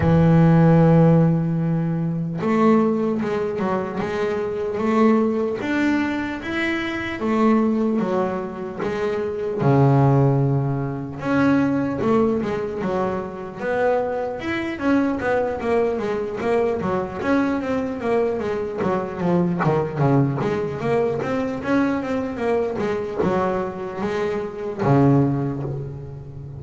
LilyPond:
\new Staff \with { instrumentName = "double bass" } { \time 4/4 \tempo 4 = 75 e2. a4 | gis8 fis8 gis4 a4 d'4 | e'4 a4 fis4 gis4 | cis2 cis'4 a8 gis8 |
fis4 b4 e'8 cis'8 b8 ais8 | gis8 ais8 fis8 cis'8 c'8 ais8 gis8 fis8 | f8 dis8 cis8 gis8 ais8 c'8 cis'8 c'8 | ais8 gis8 fis4 gis4 cis4 | }